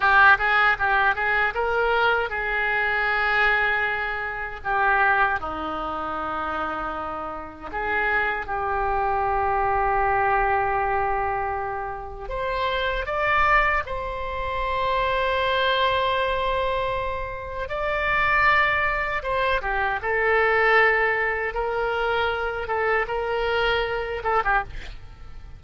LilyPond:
\new Staff \with { instrumentName = "oboe" } { \time 4/4 \tempo 4 = 78 g'8 gis'8 g'8 gis'8 ais'4 gis'4~ | gis'2 g'4 dis'4~ | dis'2 gis'4 g'4~ | g'1 |
c''4 d''4 c''2~ | c''2. d''4~ | d''4 c''8 g'8 a'2 | ais'4. a'8 ais'4. a'16 g'16 | }